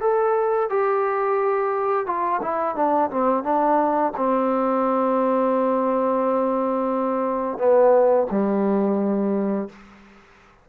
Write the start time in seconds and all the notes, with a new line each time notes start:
0.00 A4
0.69 G4
2.06 F4
2.41 E4
2.75 D4
3.10 C4
3.43 D4
4.16 C4
7.57 B3
8.30 G3